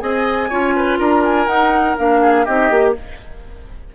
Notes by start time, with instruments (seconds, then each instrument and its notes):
0.00 bassoon C4, clarinet G#4, oboe D#5, flute G#5
0.49 bassoon C#4, clarinet F4, oboe C#5
0.76 oboe B4
0.99 bassoon D4, oboe A#4, flute A#5
1.24 flute G#5
1.47 bassoon D#4, clarinet D#4, flute F#5
1.98 bassoon A#3, clarinet D4, flute F5
2.22 oboe G#4
2.45 bassoon C4, clarinet D#4, oboe G4, flute D#5
2.71 bassoon A#3, clarinet G4